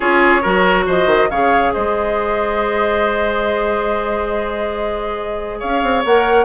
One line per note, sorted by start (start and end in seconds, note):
0.00 0.44 C#4
0.00 0.41 F4
0.00 0.42 G#4
0.00 0.85 C#5
0.42 0.86 F#3
0.42 1.30 F#4
0.42 0.85 A#4
0.86 1.06 F3
0.86 1.29 C5
0.86 1.29 D#5
1.06 1.28 D#3
1.29 1.73 C#3
1.29 6.06 G#4
1.29 1.73 C#5
1.29 1.73 F5
1.73 5.63 G#3
1.73 5.59 C5
1.73 5.60 D#5
5.59 5.82 C#4
5.59 6.45 C#5
5.59 6.03 F5
5.82 6.04 C4
6.04 6.45 A#3
6.04 6.45 A#4
6.04 6.45 F#5